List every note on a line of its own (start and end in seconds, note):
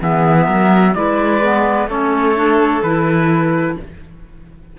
0.00 0.48 E3
0.00 0.94 B3
0.00 0.45 G#4
0.00 0.95 E5
0.45 0.95 F#3
0.45 0.92 A#4
0.95 1.87 G#3
0.95 1.42 E4
0.95 1.89 B4
0.95 1.88 D5
1.42 1.89 B3
1.87 2.81 A3
1.87 2.35 C#4
1.87 3.76 A4
1.87 2.83 C#5
2.35 2.82 D4
2.83 3.77 E3
2.83 3.79 E4
2.83 3.77 B4